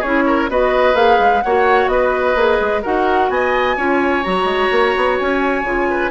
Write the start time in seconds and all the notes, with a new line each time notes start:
0.00 C#4 E4 G#4 C#5
0.27 A#4
0.49 B3 F#4 B4 D#5
0.95 A#3 G#4 F5
1.20 G#3
1.42 A#3 F#4 C#5 F#5
1.88 B3 B4 D#5
2.36 A#3 G#4
2.61 G#3
2.83 D#4 F#4 A#4 F#5
3.30 B3 D#5 G#5
3.77 C#4 F4 C#5
4.24 F#3 F#4 A#5
4.45 G#3
4.72 A#3
4.97 B3
5.19 C#4 G#5
5.63 C#3 F4
5.91 B4